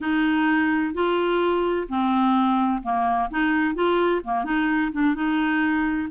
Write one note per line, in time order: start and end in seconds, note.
0.00 0.94 D#4
0.94 1.87 F4
1.88 2.82 C4
2.82 3.29 A#3
3.30 3.74 D#4
3.74 4.21 F4
4.24 4.44 A#3
4.44 4.91 D#4
4.92 5.14 D4
5.14 6.08 D#4